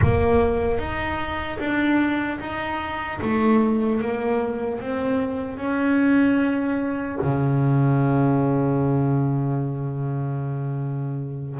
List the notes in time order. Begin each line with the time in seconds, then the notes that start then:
0.01 A#3
0.78 D#4
1.59 D4
2.39 D#4
3.21 A3
4.01 A#3
4.80 C4
5.57 C#4
7.21 C#3